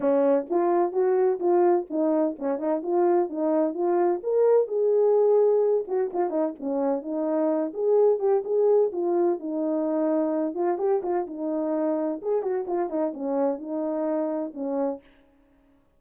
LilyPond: \new Staff \with { instrumentName = "horn" } { \time 4/4 \tempo 4 = 128 cis'4 f'4 fis'4 f'4 | dis'4 cis'8 dis'8 f'4 dis'4 | f'4 ais'4 gis'2~ | gis'8 fis'8 f'8 dis'8 cis'4 dis'4~ |
dis'8 gis'4 g'8 gis'4 f'4 | dis'2~ dis'8 f'8 g'8 f'8 | dis'2 gis'8 fis'8 f'8 dis'8 | cis'4 dis'2 cis'4 | }